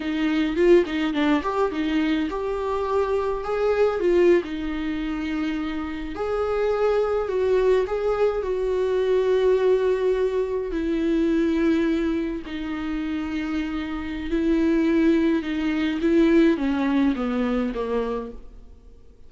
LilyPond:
\new Staff \with { instrumentName = "viola" } { \time 4/4 \tempo 4 = 105 dis'4 f'8 dis'8 d'8 g'8 dis'4 | g'2 gis'4 f'8. dis'16~ | dis'2~ dis'8. gis'4~ gis'16~ | gis'8. fis'4 gis'4 fis'4~ fis'16~ |
fis'2~ fis'8. e'4~ e'16~ | e'4.~ e'16 dis'2~ dis'16~ | dis'4 e'2 dis'4 | e'4 cis'4 b4 ais4 | }